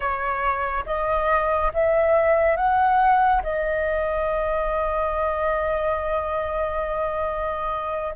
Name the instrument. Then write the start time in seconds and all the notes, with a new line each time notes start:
flute
0.00 C#5
0.86 D#5
1.73 E5
2.56 F#5
3.42 D#5